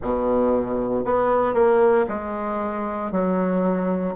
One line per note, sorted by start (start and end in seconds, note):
0.02 1.04 B2
1.04 1.54 B3
1.54 2.05 A#3
2.08 3.11 G#3
3.11 4.15 F#3